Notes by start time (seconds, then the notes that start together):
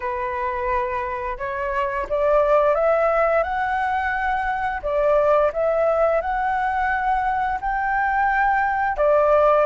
0.00 B4
1.38 C#5
2.09 D5
2.74 E5
3.43 F#5
4.82 D5
5.52 E5
6.21 F#5
7.60 G5
8.97 D5